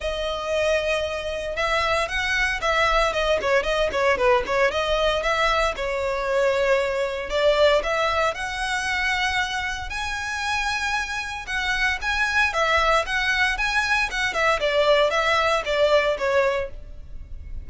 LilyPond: \new Staff \with { instrumentName = "violin" } { \time 4/4 \tempo 4 = 115 dis''2. e''4 | fis''4 e''4 dis''8 cis''8 dis''8 cis''8 | b'8 cis''8 dis''4 e''4 cis''4~ | cis''2 d''4 e''4 |
fis''2. gis''4~ | gis''2 fis''4 gis''4 | e''4 fis''4 gis''4 fis''8 e''8 | d''4 e''4 d''4 cis''4 | }